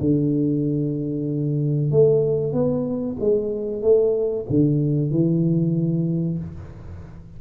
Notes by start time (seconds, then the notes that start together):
0.00 D3
1.91 A3
2.52 B3
3.20 G#3
3.82 A3
4.49 D3
5.11 E3